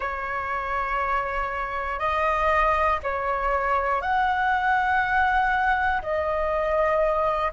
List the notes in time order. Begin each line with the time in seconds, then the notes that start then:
0.00 C#5
1.99 D#5
3.03 C#5
4.01 F#5
6.02 D#5